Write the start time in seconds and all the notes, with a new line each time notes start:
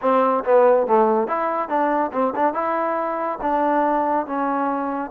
0.01 C4
0.44 B3
0.86 A3
1.27 E4
1.68 D4
2.12 C4
2.35 D4
2.53 E4
3.41 D4
4.26 C#4